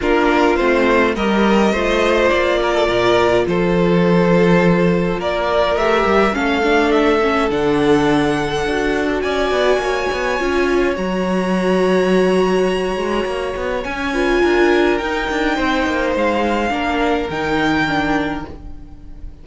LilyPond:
<<
  \new Staff \with { instrumentName = "violin" } { \time 4/4 \tempo 4 = 104 ais'4 c''4 dis''2 | d''2 c''2~ | c''4 d''4 e''4 f''4 | e''4 fis''2. |
gis''2. ais''4~ | ais''1 | gis''2 g''2 | f''2 g''2 | }
  \new Staff \with { instrumentName = "violin" } { \time 4/4 f'2 ais'4 c''4~ | c''8 ais'16 a'16 ais'4 a'2~ | a'4 ais'2 a'4~ | a'1 |
d''4 cis''2.~ | cis''1~ | cis''8 b'8 ais'2 c''4~ | c''4 ais'2. | }
  \new Staff \with { instrumentName = "viola" } { \time 4/4 d'4 c'4 g'4 f'4~ | f'1~ | f'2 g'4 cis'8 d'8~ | d'8 cis'8 d'2 fis'4~ |
fis'2 f'4 fis'4~ | fis'1 | cis'8 f'4. dis'2~ | dis'4 d'4 dis'4 d'4 | }
  \new Staff \with { instrumentName = "cello" } { \time 4/4 ais4 a4 g4 a4 | ais4 ais,4 f2~ | f4 ais4 a8 g8 a4~ | a4 d2 d'4 |
cis'8 b8 ais8 b8 cis'4 fis4~ | fis2~ fis8 gis8 ais8 b8 | cis'4 d'4 dis'8 d'8 c'8 ais8 | gis4 ais4 dis2 | }
>>